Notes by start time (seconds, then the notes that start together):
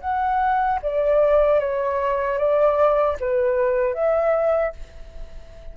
0.00 F#5
0.82 D5
1.59 C#5
2.38 D5
3.20 B4
3.94 E5